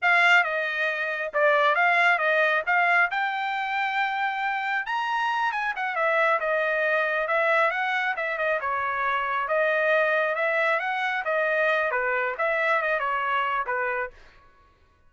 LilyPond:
\new Staff \with { instrumentName = "trumpet" } { \time 4/4 \tempo 4 = 136 f''4 dis''2 d''4 | f''4 dis''4 f''4 g''4~ | g''2. ais''4~ | ais''8 gis''8 fis''8 e''4 dis''4.~ |
dis''8 e''4 fis''4 e''8 dis''8 cis''8~ | cis''4. dis''2 e''8~ | e''8 fis''4 dis''4. b'4 | e''4 dis''8 cis''4. b'4 | }